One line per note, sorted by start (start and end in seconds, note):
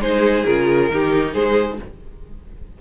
0.00 0.44 G#3
0.00 0.46 D#4
0.00 0.92 G#4
0.00 0.45 C5
0.45 0.91 C#3
0.45 0.91 F4
0.45 1.34 A#4
0.91 1.34 D#3
0.91 1.81 D#4
0.91 1.33 G4
1.33 1.79 G#3
1.33 1.78 G#4
1.33 1.78 C5